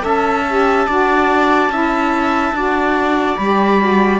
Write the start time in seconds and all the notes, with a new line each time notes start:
0.00 C#4 A4 E5 A5
0.48 G4
0.87 D4 F#4 D5
1.68 C#4 E4 E5
2.52 D4 F#4 D5
3.37 G3 G4 B5
3.79 F#4